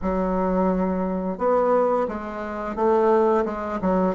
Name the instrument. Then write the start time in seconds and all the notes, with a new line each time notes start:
bassoon
0.02 F#3
1.38 B3
2.08 G#3
2.75 A3
3.45 G#3
3.81 F#3